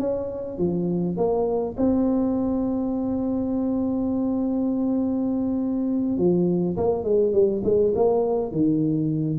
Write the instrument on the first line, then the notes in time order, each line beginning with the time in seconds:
tuba
0.00 C#4
0.59 F3
1.17 A#3
1.78 C4
6.18 F3
6.77 A#3
7.04 G#3
7.33 G3
7.64 G#3
7.96 A#3
8.52 D#3